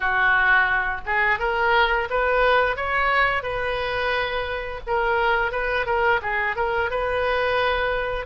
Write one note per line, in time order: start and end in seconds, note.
0.00 1.01 F#4
1.06 1.39 G#4
1.39 2.08 A#4
2.10 2.76 B4
2.76 3.42 C#5
3.42 4.80 B4
4.86 5.51 A#4
5.51 5.86 B4
5.86 6.20 A#4
6.21 6.55 G#4
6.55 6.90 A#4
6.90 8.26 B4